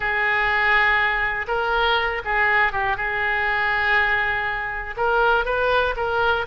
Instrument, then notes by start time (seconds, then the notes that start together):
oboe
0.00 G#4
1.47 A#4
2.24 G#4
2.72 G4
2.97 G#4
4.97 A#4
5.45 B4
5.96 A#4